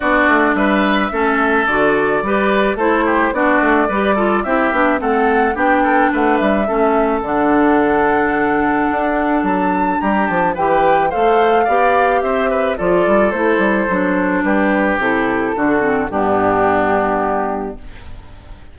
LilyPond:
<<
  \new Staff \with { instrumentName = "flute" } { \time 4/4 \tempo 4 = 108 d''4 e''2 d''4~ | d''4 c''4 d''2 | e''4 fis''4 g''4 fis''8 e''8~ | e''4 fis''2.~ |
fis''4 a''4 ais''8 a''8 g''4 | f''2 e''4 d''4 | c''2 b'4 a'4~ | a'4 g'2. | }
  \new Staff \with { instrumentName = "oboe" } { \time 4/4 fis'4 b'4 a'2 | b'4 a'8 g'8 fis'4 b'8 a'8 | g'4 a'4 g'8 a'8 b'4 | a'1~ |
a'2 g'4 b'4 | c''4 d''4 c''8 b'8 a'4~ | a'2 g'2 | fis'4 d'2. | }
  \new Staff \with { instrumentName = "clarinet" } { \time 4/4 d'2 cis'4 fis'4 | g'4 e'4 d'4 g'8 f'8 | e'8 d'8 c'4 d'2 | cis'4 d'2.~ |
d'2. g'4 | a'4 g'2 f'4 | e'4 d'2 e'4 | d'8 c'8 b2. | }
  \new Staff \with { instrumentName = "bassoon" } { \time 4/4 b8 a8 g4 a4 d4 | g4 a4 b8 a8 g4 | c'8 b8 a4 b4 a8 g8 | a4 d2. |
d'4 fis4 g8 f8 e4 | a4 b4 c'4 f8 g8 | a8 g8 fis4 g4 c4 | d4 g,2. | }
>>